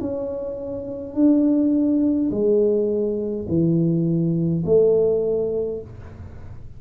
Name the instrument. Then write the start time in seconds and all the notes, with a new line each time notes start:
tuba
0.00 C#4
1.14 D4
2.30 G#3
3.48 E3
4.65 A3